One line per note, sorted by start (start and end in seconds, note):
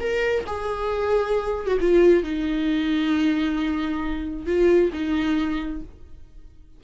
0.00 0.45 A#4
0.47 1.67 G#4
1.67 1.78 F#4
1.81 2.23 F4
2.23 4.46 D#4
4.46 4.91 F4
4.93 5.82 D#4